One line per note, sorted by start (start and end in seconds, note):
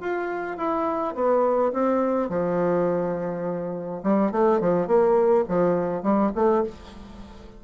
0.00 0.57 F4
0.57 1.15 E4
1.15 1.73 B3
1.73 2.29 C4
2.29 4.02 F3
4.03 4.32 G3
4.32 4.61 A3
4.61 4.87 F3
4.87 5.45 A#3
5.49 6.03 F3
6.03 6.32 G3
6.35 6.64 A3